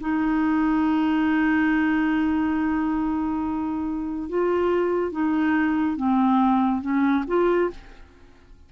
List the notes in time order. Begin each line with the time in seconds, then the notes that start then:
0.00 D#4
4.29 F4
5.12 D#4
5.96 C4
6.81 C#4
7.27 F4